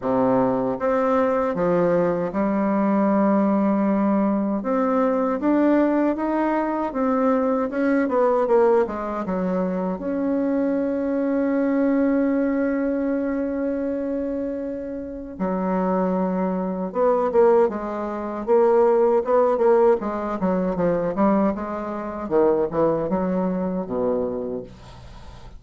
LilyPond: \new Staff \with { instrumentName = "bassoon" } { \time 4/4 \tempo 4 = 78 c4 c'4 f4 g4~ | g2 c'4 d'4 | dis'4 c'4 cis'8 b8 ais8 gis8 | fis4 cis'2.~ |
cis'1 | fis2 b8 ais8 gis4 | ais4 b8 ais8 gis8 fis8 f8 g8 | gis4 dis8 e8 fis4 b,4 | }